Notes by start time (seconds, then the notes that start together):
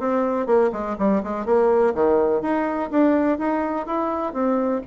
0.00 C4
0.47 A#3
0.73 G#3
0.99 G3
1.24 G#3
1.46 A#3
1.95 D#3
2.42 D#4
2.91 D4
3.39 D#4
3.87 E4
4.34 C4